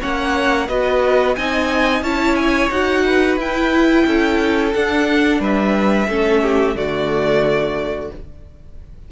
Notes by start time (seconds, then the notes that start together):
0.00 A#3 C#4 C#5 F#5
0.68 B3 F#4 B4 D#5
1.36 C4 D#4 D#5 G#5
2.02 C#4 E4 C#5 A5
2.36 G#5
2.71 D#4 F#4 F#5
3.05 B4
3.37 E4 G5
4.06 C#4 A4
4.74 D4 F#5
5.40 G3 B4 E5
6.09 A3 C#4 A4
6.43 G4
6.76 D3 A3 F#4 D5